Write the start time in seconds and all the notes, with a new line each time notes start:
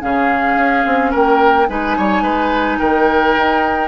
0.00 C#3 C#4 G#4 F5
0.56 C#4
0.86 C4
1.11 A#3 A#4 G5
1.68 G#3 D#4 B4 G#5
1.97 G3 C#5
2.22 G#3 B4
2.79 D#3 A#4 G5
3.37 D#4